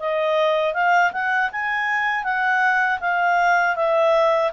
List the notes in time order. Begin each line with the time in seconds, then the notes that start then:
0.00 D#5
0.74 F5
1.13 F#5
1.52 G#5
2.24 F#5
3.01 F5
3.76 E5